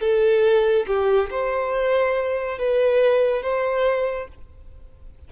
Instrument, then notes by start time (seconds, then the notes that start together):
violin
0.00 A4
0.86 G4
1.30 C5
2.58 B4
3.42 C5